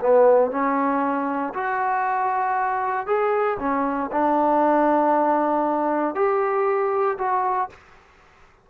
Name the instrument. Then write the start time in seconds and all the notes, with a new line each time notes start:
trombone
0.00 B3
0.51 C#4
1.54 F#4
3.07 G#4
3.59 C#4
4.12 D4
6.15 G4
7.18 F#4